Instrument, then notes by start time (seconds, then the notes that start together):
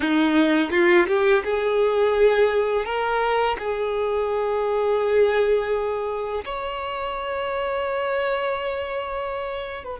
violin
0.00 D#4
0.70 F4
1.07 G4
1.44 G#4
2.85 A#4
3.58 G#4
6.44 C#5
9.84 B4